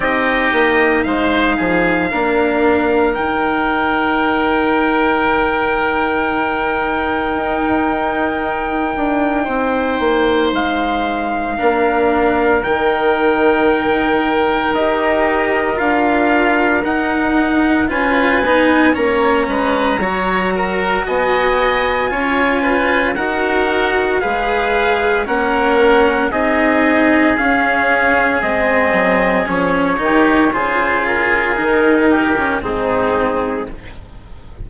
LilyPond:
<<
  \new Staff \with { instrumentName = "trumpet" } { \time 4/4 \tempo 4 = 57 dis''4 f''2 g''4~ | g''1~ | g''2 f''2 | g''2 dis''4 f''4 |
fis''4 gis''4 ais''2 | gis''2 fis''4 f''4 | fis''4 dis''4 f''4 dis''4 | cis''4 c''8 ais'4. gis'4 | }
  \new Staff \with { instrumentName = "oboe" } { \time 4/4 g'4 c''8 gis'8 ais'2~ | ais'1~ | ais'4 c''2 ais'4~ | ais'1~ |
ais'4 b'4 cis''8 b'8 cis''8 ais'8 | dis''4 cis''8 b'8 ais'4 b'4 | ais'4 gis'2.~ | gis'8 g'8 gis'4. g'8 dis'4 | }
  \new Staff \with { instrumentName = "cello" } { \time 4/4 dis'2 d'4 dis'4~ | dis'1~ | dis'2. d'4 | dis'2 g'4 f'4 |
dis'4 f'8 dis'8 cis'4 fis'4~ | fis'4 f'4 fis'4 gis'4 | cis'4 dis'4 cis'4 c'4 | cis'8 dis'8 f'4 dis'8. cis'16 c'4 | }
  \new Staff \with { instrumentName = "bassoon" } { \time 4/4 c'8 ais8 gis8 f8 ais4 dis4~ | dis2. dis'4~ | dis'8 d'8 c'8 ais8 gis4 ais4 | dis2 dis'4 d'4 |
dis'4 cis'8 b8 ais8 gis8 fis4 | b4 cis'4 dis'4 gis4 | ais4 c'4 cis'4 gis8 fis8 | f8 dis8 cis4 dis4 gis,4 | }
>>